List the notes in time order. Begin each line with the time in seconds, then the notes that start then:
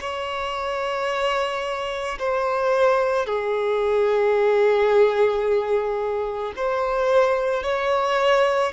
0.00 C#5
2.19 C5
3.26 G#4
6.56 C5
7.63 C#5